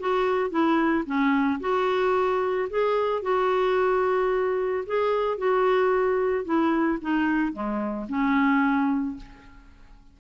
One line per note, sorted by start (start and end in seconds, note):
0.00 0.51 F#4
0.51 1.05 E4
1.06 1.60 C#4
1.61 2.69 F#4
2.70 3.22 G#4
3.22 4.85 F#4
4.87 5.38 G#4
5.38 6.45 F#4
6.45 6.99 E4
7.02 7.53 D#4
7.53 8.07 G#3
8.09 9.17 C#4